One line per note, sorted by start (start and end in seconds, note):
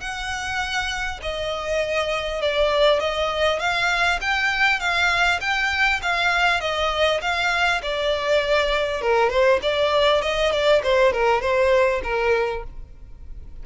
0.00 1.20 F#5
1.22 2.41 D#5
2.41 3.00 D5
3.00 3.59 D#5
3.59 4.19 F5
4.21 4.80 G5
4.80 5.40 F5
5.41 6.01 G5
6.02 6.61 F5
6.61 7.21 D#5
7.21 7.81 F5
7.82 9.01 D5
9.01 9.30 A#4
9.30 9.60 C5
9.62 10.22 D5
10.22 10.52 D#5
10.52 10.82 D5
10.83 11.13 C5
11.13 11.41 A#4
11.41 12.01 C5
12.03 12.63 A#4